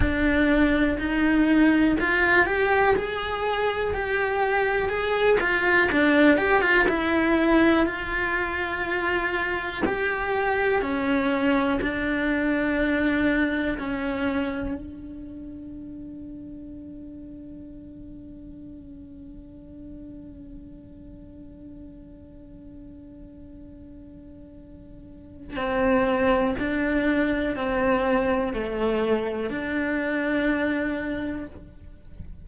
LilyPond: \new Staff \with { instrumentName = "cello" } { \time 4/4 \tempo 4 = 61 d'4 dis'4 f'8 g'8 gis'4 | g'4 gis'8 f'8 d'8 g'16 f'16 e'4 | f'2 g'4 cis'4 | d'2 cis'4 d'4~ |
d'1~ | d'1~ | d'2 c'4 d'4 | c'4 a4 d'2 | }